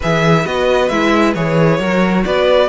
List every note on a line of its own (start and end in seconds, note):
0.00 0.45 E3
0.00 0.44 G#4
0.00 1.79 B4
0.00 0.45 E5
0.44 0.90 B3
0.44 0.89 F#4
0.44 0.88 D#5
0.88 1.35 G#3
0.88 1.35 E4
0.88 1.33 E5
1.35 1.79 E3
1.35 1.80 G#4
1.35 2.24 C#5
1.79 2.24 F#3
1.79 2.68 F#4
1.79 2.24 A#4
2.24 2.68 B3
2.24 2.68 B4
2.24 2.68 D5